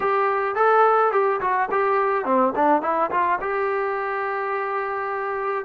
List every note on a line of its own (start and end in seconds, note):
0.00 0.55 G4
0.55 1.11 A4
1.12 1.40 G4
1.40 1.69 F#4
1.71 2.25 G4
2.25 2.53 C4
2.55 2.81 D4
2.81 3.10 E4
3.11 3.39 F4
3.40 5.64 G4